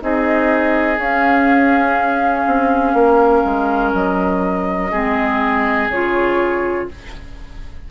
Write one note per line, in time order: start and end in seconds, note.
0.00 0.98 C4
0.00 0.97 D#4
0.00 2.97 G#4
0.00 0.98 D#5
0.97 4.90 C#4
0.97 2.45 C#4
0.97 3.93 F5
2.47 2.93 C4
2.93 3.42 A#3
2.93 4.91 A#4
3.44 3.93 G#3
3.93 4.91 F#3
3.93 5.90 D#5
4.91 5.88 G#3
4.91 5.90 C4
4.91 6.88 G#4
5.88 6.87 C#3
5.88 6.91 F4
5.88 6.88 C#5